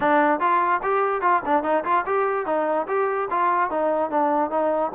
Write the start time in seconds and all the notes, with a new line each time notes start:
0.00 D4
0.39 F4
0.82 G4
1.21 F4
1.45 D4
1.63 D#4
1.84 F4
2.05 G4
2.45 D#4
2.87 G4
3.30 F4
3.70 D#4
4.10 D4
4.50 D#4